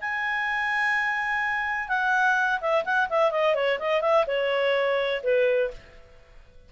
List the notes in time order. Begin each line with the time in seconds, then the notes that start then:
0.00 G#5
1.88 F#5
2.60 E5
2.85 F#5
3.09 E5
3.31 D#5
3.54 C#5
3.79 D#5
4.01 E5
4.27 C#5
5.23 B4